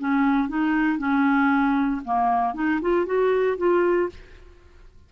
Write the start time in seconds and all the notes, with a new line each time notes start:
0.00 C#4
0.49 D#4
0.99 C#4
2.05 A#3
2.55 D#4
2.82 F4
3.06 F#4
3.58 F4